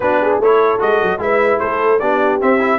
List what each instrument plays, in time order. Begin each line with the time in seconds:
0.00 tuba B3, trombone D4, horn F#4, trumpet B4
0.21 horn G#4
0.39 tuba A3, trombone E4, horn A4, trumpet C#5
0.78 tuba G#3, trombone F#4, trumpet D#5
1.02 tuba F#3
1.18 tuba G#3, trombone E4, horn B4, trumpet E5
1.59 tuba A3, horn A4, trumpet C5
1.99 tuba B3, trombone D4, horn G4, trumpet D5
2.41 trombone C4, tuba C4, trumpet E5
2.59 trombone E4